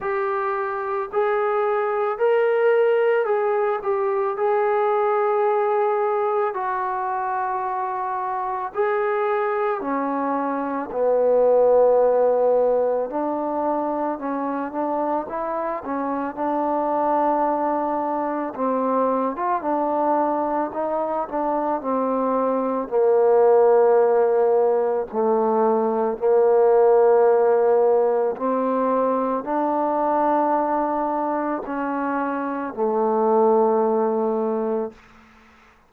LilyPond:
\new Staff \with { instrumentName = "trombone" } { \time 4/4 \tempo 4 = 55 g'4 gis'4 ais'4 gis'8 g'8 | gis'2 fis'2 | gis'4 cis'4 b2 | d'4 cis'8 d'8 e'8 cis'8 d'4~ |
d'4 c'8. f'16 d'4 dis'8 d'8 | c'4 ais2 a4 | ais2 c'4 d'4~ | d'4 cis'4 a2 | }